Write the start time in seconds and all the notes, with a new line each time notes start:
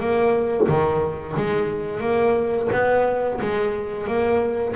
0.00 A#3
0.68 D#3
1.36 G#3
2.00 A#3
2.72 B3
3.41 G#3
4.07 A#3